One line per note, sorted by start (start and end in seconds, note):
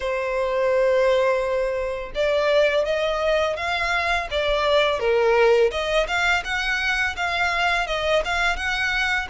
0.00 2.12 C5
2.14 2.85 D5
2.85 3.56 D#5
3.56 4.28 F5
4.31 4.99 D5
4.99 5.70 A#4
5.71 6.06 D#5
6.07 6.43 F5
6.44 7.15 F#5
7.16 7.86 F5
7.86 8.22 D#5
8.24 8.56 F5
8.56 9.27 F#5